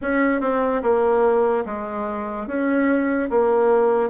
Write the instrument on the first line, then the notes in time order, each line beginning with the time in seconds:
bassoon
0.01 C#4
0.41 C4
0.82 A#3
1.65 G#3
2.47 C#4
3.30 A#3